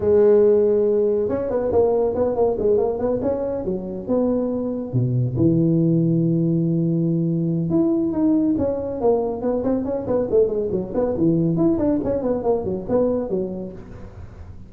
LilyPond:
\new Staff \with { instrumentName = "tuba" } { \time 4/4 \tempo 4 = 140 gis2. cis'8 b8 | ais4 b8 ais8 gis8 ais8 b8 cis'8~ | cis'8 fis4 b2 b,8~ | b,8 e2.~ e8~ |
e2 e'4 dis'4 | cis'4 ais4 b8 c'8 cis'8 b8 | a8 gis8 fis8 b8 e4 e'8 d'8 | cis'8 b8 ais8 fis8 b4 fis4 | }